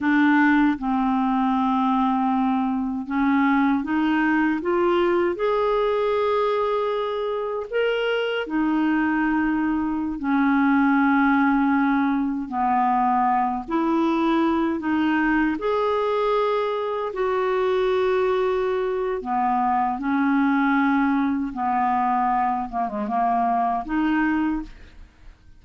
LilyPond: \new Staff \with { instrumentName = "clarinet" } { \time 4/4 \tempo 4 = 78 d'4 c'2. | cis'4 dis'4 f'4 gis'4~ | gis'2 ais'4 dis'4~ | dis'4~ dis'16 cis'2~ cis'8.~ |
cis'16 b4. e'4. dis'8.~ | dis'16 gis'2 fis'4.~ fis'16~ | fis'4 b4 cis'2 | b4. ais16 gis16 ais4 dis'4 | }